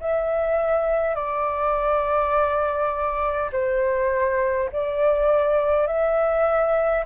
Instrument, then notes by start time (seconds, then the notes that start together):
flute
0.00 E5
1.15 D5
3.52 C5
4.72 D5
5.87 E5